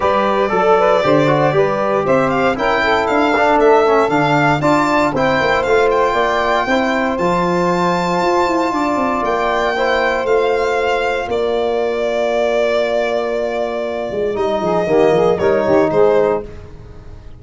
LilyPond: <<
  \new Staff \with { instrumentName = "violin" } { \time 4/4 \tempo 4 = 117 d''1 | e''8 f''8 g''4 f''4 e''4 | f''4 a''4 g''4 f''8 g''8~ | g''2 a''2~ |
a''2 g''2 | f''2 d''2~ | d''1 | dis''2 cis''4 c''4 | }
  \new Staff \with { instrumentName = "saxophone" } { \time 4/4 b'4 a'8 b'8 c''4 b'4 | c''4 ais'8 a'2~ a'8~ | a'4 d''4 c''2 | d''4 c''2.~ |
c''4 d''2 c''4~ | c''2 ais'2~ | ais'1~ | ais'8 gis'8 g'8 gis'8 ais'8 g'8 gis'4 | }
  \new Staff \with { instrumentName = "trombone" } { \time 4/4 g'4 a'4 g'8 fis'8 g'4~ | g'4 e'4. d'4 cis'8 | d'4 f'4 e'4 f'4~ | f'4 e'4 f'2~ |
f'2. e'4 | f'1~ | f'1 | dis'4 ais4 dis'2 | }
  \new Staff \with { instrumentName = "tuba" } { \time 4/4 g4 fis4 d4 g4 | c'4 cis'4 d'4 a4 | d4 d'4 c'8 ais8 a4 | ais4 c'4 f2 |
f'8 e'8 d'8 c'8 ais2 | a2 ais2~ | ais2.~ ais8 gis8 | g8 f8 dis8 f8 g8 dis8 gis4 | }
>>